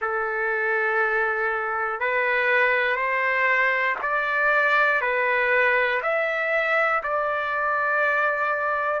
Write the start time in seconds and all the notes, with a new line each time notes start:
0.00 A4
2.00 B4
2.95 C5
4.02 D5
5.00 B4
6.02 E5
7.03 D5